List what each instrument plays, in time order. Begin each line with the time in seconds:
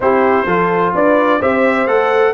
0.00 tuba C4, trombone E4, horn G4, trumpet C5
0.45 tuba F3, trombone F4, horn A4
0.94 tuba D4, horn B4, trumpet D5
1.39 tuba C4, trombone G4, horn C5, trumpet E5
1.86 tuba A3, trombone A4, trumpet F#5